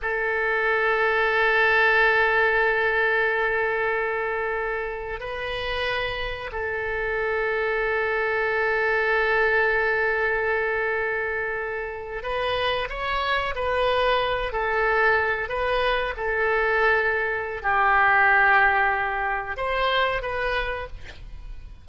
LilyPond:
\new Staff \with { instrumentName = "oboe" } { \time 4/4 \tempo 4 = 92 a'1~ | a'1 | b'2 a'2~ | a'1~ |
a'2~ a'8. b'4 cis''16~ | cis''8. b'4. a'4. b'16~ | b'8. a'2~ a'16 g'4~ | g'2 c''4 b'4 | }